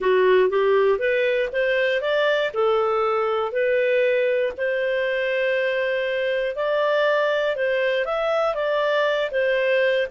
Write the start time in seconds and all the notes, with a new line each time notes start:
0.00 F#4
0.49 G4
0.98 B4
1.52 C5
2.01 D5
2.53 A4
3.52 B4
4.57 C5
6.55 D5
7.56 C5
8.05 E5
8.55 D5
9.31 C5